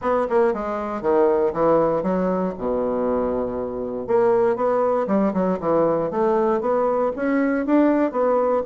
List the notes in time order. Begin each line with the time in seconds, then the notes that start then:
0.01 B3
0.29 A#3
0.53 G#3
1.01 D#3
1.53 E3
2.02 F#3
2.58 B2
4.07 A#3
4.55 B3
5.07 G3
5.33 F#3
5.60 E3
6.10 A3
6.60 B3
7.16 C#4
7.65 D4
8.11 B3